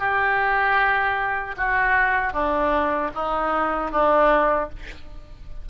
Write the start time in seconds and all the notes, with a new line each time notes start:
0.00 G4
1.58 F#4
2.33 D4
3.15 D#4
3.92 D4